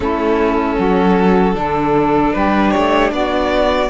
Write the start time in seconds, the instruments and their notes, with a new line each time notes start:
0.00 cello A3, viola C#4, saxophone E4, violin A4
0.76 cello F#3, saxophone F#4
1.54 cello D3, viola D4, saxophone A4
2.33 cello G3, saxophone G4, violin B4
2.71 cello A3, violin C#5
3.11 cello B3, saxophone F#4, violin D5